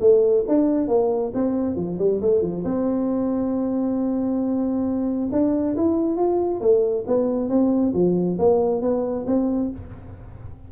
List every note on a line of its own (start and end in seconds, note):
0.00 0.44 A3
0.48 0.88 D4
0.88 1.32 A#3
1.34 1.75 C4
1.75 1.98 F3
1.98 2.20 G3
2.21 2.41 A3
2.41 2.64 F3
2.64 5.29 C4
5.32 5.76 D4
5.76 6.16 E4
6.16 6.60 F4
6.60 7.04 A3
7.07 7.49 B3
7.49 7.93 C4
7.93 8.37 F3
8.39 8.81 A#3
8.81 9.25 B3
9.26 9.70 C4